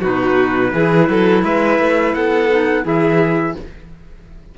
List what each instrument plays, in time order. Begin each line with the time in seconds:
0.00 cello B2, clarinet D#4, violin F#4, trumpet B4
0.73 cello E3, clarinet E4, violin G#4
1.08 cello F#3, violin A4
1.43 cello G#3, violin B4, trumpet E5
1.79 cello A3
2.14 cello B3, violin A4, trumpet F#5
2.50 clarinet D#4
2.83 cello E3, clarinet E4, violin G#4, trumpet E5